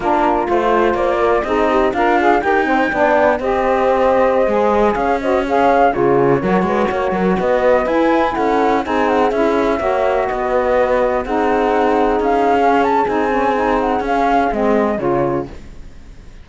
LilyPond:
<<
  \new Staff \with { instrumentName = "flute" } { \time 4/4 \tempo 4 = 124 ais'4 c''4 d''4 dis''4 | f''4 g''2 dis''4~ | dis''2~ dis''16 f''8 dis''8 f''8.~ | f''16 cis''2. dis''8.~ |
dis''16 gis''4 fis''4 gis''8 fis''8 e''8.~ | e''4~ e''16 dis''2 fis''8.~ | fis''4~ fis''16 f''4~ f''16 a''8 gis''4~ | gis''8 fis''8 f''4 dis''4 cis''4 | }
  \new Staff \with { instrumentName = "horn" } { \time 4/4 f'2 c''8 ais'8 gis'8 g'8 | f'4 ais'8 c''8 d''4 c''4~ | c''2~ c''16 cis''8 c''8 cis''8.~ | cis''16 gis'4 ais'8 b'8 cis''8 ais'8 b'8.~ |
b'4~ b'16 a'4 gis'4.~ gis'16~ | gis'16 cis''4 b'2 gis'8.~ | gis'1~ | gis'1 | }
  \new Staff \with { instrumentName = "saxophone" } { \time 4/4 d'4 f'2 dis'4 | ais'8 gis'8 g'8 c'8 d'4 g'4~ | g'4~ g'16 gis'4. fis'8 gis'8.~ | gis'16 f'4 fis'2~ fis'8.~ |
fis'16 e'2 dis'4 e'8.~ | e'16 fis'2. dis'8.~ | dis'2 cis'4 dis'8 cis'8 | dis'4 cis'4 c'4 f'4 | }
  \new Staff \with { instrumentName = "cello" } { \time 4/4 ais4 a4 ais4 c'4 | d'4 dis'4 b4 c'4~ | c'4~ c'16 gis4 cis'4.~ cis'16~ | cis'16 cis4 fis8 gis8 ais8 fis8 b8.~ |
b16 e'4 cis'4 c'4 cis'8.~ | cis'16 ais4 b2 c'8.~ | c'4~ c'16 cis'4.~ cis'16 c'4~ | c'4 cis'4 gis4 cis4 | }
>>